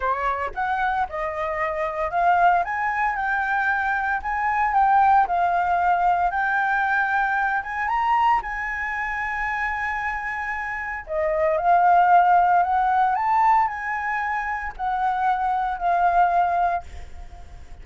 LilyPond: \new Staff \with { instrumentName = "flute" } { \time 4/4 \tempo 4 = 114 cis''4 fis''4 dis''2 | f''4 gis''4 g''2 | gis''4 g''4 f''2 | g''2~ g''8 gis''8 ais''4 |
gis''1~ | gis''4 dis''4 f''2 | fis''4 a''4 gis''2 | fis''2 f''2 | }